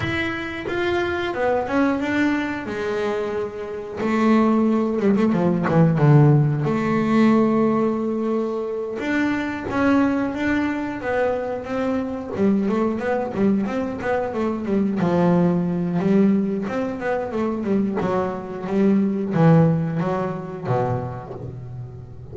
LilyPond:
\new Staff \with { instrumentName = "double bass" } { \time 4/4 \tempo 4 = 90 e'4 f'4 b8 cis'8 d'4 | gis2 a4. g16 a16 | f8 e8 d4 a2~ | a4. d'4 cis'4 d'8~ |
d'8 b4 c'4 g8 a8 b8 | g8 c'8 b8 a8 g8 f4. | g4 c'8 b8 a8 g8 fis4 | g4 e4 fis4 b,4 | }